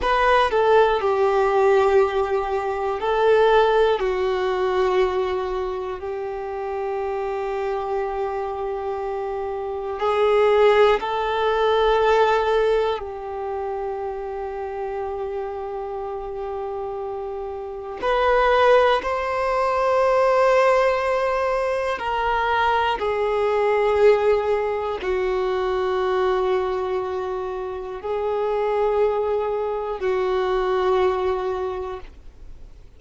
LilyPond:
\new Staff \with { instrumentName = "violin" } { \time 4/4 \tempo 4 = 60 b'8 a'8 g'2 a'4 | fis'2 g'2~ | g'2 gis'4 a'4~ | a'4 g'2.~ |
g'2 b'4 c''4~ | c''2 ais'4 gis'4~ | gis'4 fis'2. | gis'2 fis'2 | }